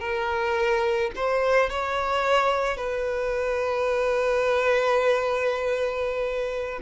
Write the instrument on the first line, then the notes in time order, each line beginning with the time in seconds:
violin
0.00 A#4
1.16 C5
1.70 C#5
2.77 B4